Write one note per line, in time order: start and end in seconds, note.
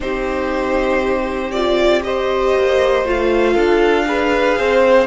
0.00 2.55 C4
0.00 1.53 D#4
0.00 2.06 G4
0.00 1.51 C5
1.51 2.03 F4
1.51 2.01 D5
2.03 3.05 G4
2.03 3.53 C5
2.03 3.05 D#5
2.56 3.05 A#3
3.05 3.55 A3
3.05 4.05 F4
3.05 5.06 F5
3.53 4.57 D4
3.53 4.04 A4
4.05 5.06 G#4
4.05 4.57 B4
4.57 5.06 C4
4.57 5.06 C5